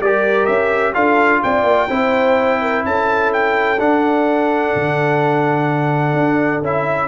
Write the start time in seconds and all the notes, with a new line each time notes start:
0.00 G3 G4 A#4 D5
0.45 C#4 E5
0.94 D4 F4 A4 F5
1.43 C4 D5 G5
1.63 A#3
1.88 C4 E4 C5
2.61 A#4
2.85 C#4 A4 A5
3.33 G5
3.79 D4 F#5
4.75 D3
6.13 D4
6.61 C#4 E4 E5